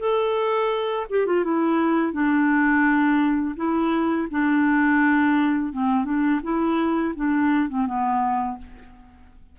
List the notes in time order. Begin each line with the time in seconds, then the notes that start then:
0.00 A4
1.10 G4
1.27 F4
1.45 E4
2.13 D4
3.57 E4
4.31 D4
5.73 C4
6.05 D4
6.43 E4
7.16 D4
7.69 C4
7.87 B3